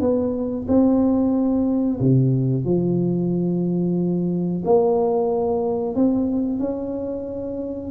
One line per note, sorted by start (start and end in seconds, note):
0.00 0.66 B3
0.67 1.99 C4
2.00 2.65 C3
2.65 4.62 F3
4.65 5.95 A#3
5.95 6.59 C4
6.59 7.91 C#4